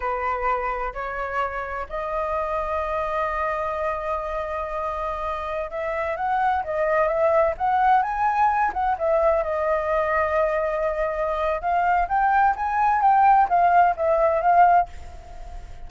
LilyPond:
\new Staff \with { instrumentName = "flute" } { \time 4/4 \tempo 4 = 129 b'2 cis''2 | dis''1~ | dis''1~ | dis''16 e''4 fis''4 dis''4 e''8.~ |
e''16 fis''4 gis''4. fis''8 e''8.~ | e''16 dis''2.~ dis''8.~ | dis''4 f''4 g''4 gis''4 | g''4 f''4 e''4 f''4 | }